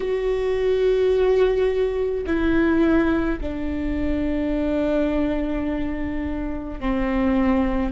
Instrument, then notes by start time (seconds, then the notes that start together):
viola
0.00 F#4
2.26 E4
3.40 D4
6.79 C4